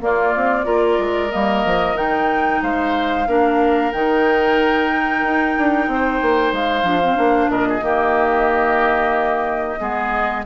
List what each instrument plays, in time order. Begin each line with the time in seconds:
0.00 clarinet A#3, bassoon A#3, oboe F4, flute D5
0.36 bassoon C4
0.64 bassoon A#3, clarinet F4, oboe A#4
0.99 bassoon G#3
1.30 bassoon G3, clarinet A#3, flute D#5
1.65 bassoon F3
1.95 bassoon D#3, clarinet D#4, flute G5
2.62 bassoon G#3, oboe C5, flute F5
3.27 bassoon A#3, clarinet D4, oboe A#4
3.92 bassoon D#3, clarinet D#4, flute G5
5.23 bassoon D#4
5.58 bassoon D4
5.87 bassoon C4, oboe C5
6.21 bassoon A#3
6.52 bassoon G#3, flute F5
6.82 bassoon F3, clarinet D4
7.02 clarinet C4
7.16 bassoon A#3, clarinet D4
7.48 bassoon A#2, oboe A#4, flute D#5
7.69 oboe G#4
7.81 bassoon D#3, clarinet A#3, oboe G4
9.79 bassoon G#3, clarinet B3, oboe G#4